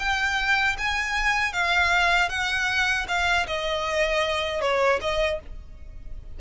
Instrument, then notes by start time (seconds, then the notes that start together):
violin
0.00 G5
0.79 G#5
1.53 F5
2.30 F#5
3.09 F5
3.48 D#5
4.62 C#5
5.02 D#5